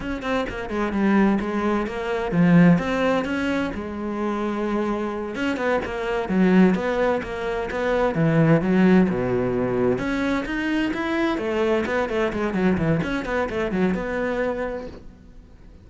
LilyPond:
\new Staff \with { instrumentName = "cello" } { \time 4/4 \tempo 4 = 129 cis'8 c'8 ais8 gis8 g4 gis4 | ais4 f4 c'4 cis'4 | gis2.~ gis8 cis'8 | b8 ais4 fis4 b4 ais8~ |
ais8 b4 e4 fis4 b,8~ | b,4. cis'4 dis'4 e'8~ | e'8 a4 b8 a8 gis8 fis8 e8 | cis'8 b8 a8 fis8 b2 | }